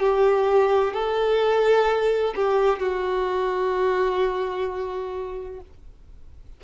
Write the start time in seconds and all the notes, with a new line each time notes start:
0.00 G4
0.94 A4
2.36 G4
2.80 F#4